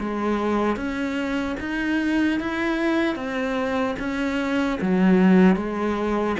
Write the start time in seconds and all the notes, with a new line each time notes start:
0.00 G#3
0.77 C#4
1.61 D#4
2.41 E4
3.16 C4
4.00 C#4
4.82 F#3
5.57 G#3